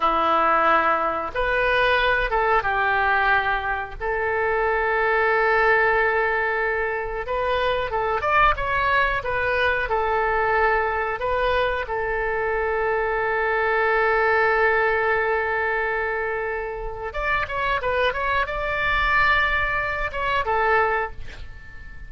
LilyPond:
\new Staff \with { instrumentName = "oboe" } { \time 4/4 \tempo 4 = 91 e'2 b'4. a'8 | g'2 a'2~ | a'2. b'4 | a'8 d''8 cis''4 b'4 a'4~ |
a'4 b'4 a'2~ | a'1~ | a'2 d''8 cis''8 b'8 cis''8 | d''2~ d''8 cis''8 a'4 | }